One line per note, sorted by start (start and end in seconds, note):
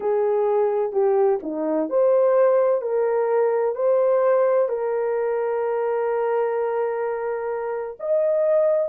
0.00 0.92 G#4
0.92 1.39 G4
1.43 1.89 D#4
1.89 2.81 C5
2.81 3.75 A#4
3.75 4.68 C5
4.68 7.96 A#4
7.99 8.89 D#5